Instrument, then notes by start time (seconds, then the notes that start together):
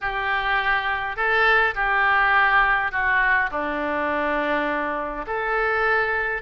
oboe
0.01 G4
1.16 A4
1.74 G4
2.91 F#4
3.50 D4
5.26 A4